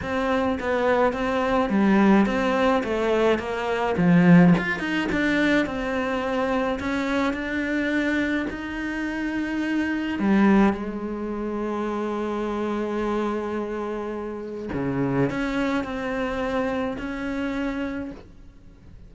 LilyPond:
\new Staff \with { instrumentName = "cello" } { \time 4/4 \tempo 4 = 106 c'4 b4 c'4 g4 | c'4 a4 ais4 f4 | f'8 dis'8 d'4 c'2 | cis'4 d'2 dis'4~ |
dis'2 g4 gis4~ | gis1~ | gis2 cis4 cis'4 | c'2 cis'2 | }